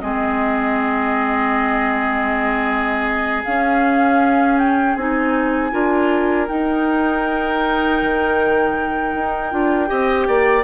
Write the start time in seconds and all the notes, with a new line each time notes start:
0.00 G#3 C4 G#4 D#5
3.44 C#4 F5
4.58 G5
4.95 C4 D#4 G#5
5.71 D4 F4 A#4
6.48 D#4 G5
8.01 D#3
9.14 D#4
9.51 D4 F4
9.86 C4 G4 D#5
10.27 A#3 D5